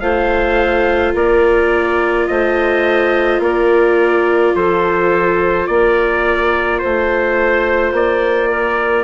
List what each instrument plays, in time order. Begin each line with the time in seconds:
0.00 bassoon A3, viola F4, clarinet C5, trumpet F5
1.13 bassoon A#3, clarinet A#4, trumpet D5
2.27 bassoon A3, clarinet C5, trumpet D#5
3.39 bassoon A#3, clarinet A#4, trumpet D5
4.55 bassoon F3, clarinet A4, trumpet C5
5.67 bassoon A#3, clarinet A#4, trumpet D5
6.79 bassoon A3, trumpet C5, clarinet C5
7.92 bassoon A#3, trumpet D5
8.48 clarinet A#4